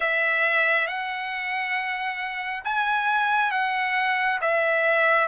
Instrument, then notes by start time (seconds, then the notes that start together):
trumpet
0.00 E5
0.87 F#5
2.64 G#5
3.51 F#5
4.41 E5